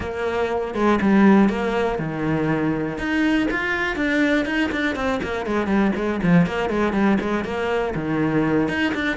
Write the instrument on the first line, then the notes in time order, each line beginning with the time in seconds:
cello
0.00 A#3
0.74 G#3
1.01 G3
1.49 A#3
1.99 D#3
2.98 D#4
3.50 F4
3.95 D4
4.45 D#4
4.71 D4
4.95 C4
5.22 A#3
5.46 G#3
5.67 G3
5.95 G#3
6.22 F3
6.46 A#3
6.69 G#3
6.92 G3
7.20 G#3
7.44 A#3
7.95 D#3
8.68 D#4
8.94 D4